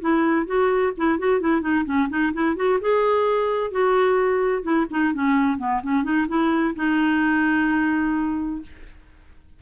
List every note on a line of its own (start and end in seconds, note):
0.00 0.46 E4
0.46 0.92 F#4
0.97 1.18 E4
1.18 1.40 F#4
1.40 1.61 E4
1.61 1.84 D#4
1.85 2.08 C#4
2.09 2.32 D#4
2.33 2.56 E4
2.56 2.79 F#4
2.81 3.71 G#4
3.71 4.62 F#4
4.62 4.86 E4
4.90 5.13 D#4
5.14 5.58 C#4
5.58 5.81 B3
5.82 6.03 C#4
6.03 6.26 D#4
6.28 6.74 E4
6.75 8.62 D#4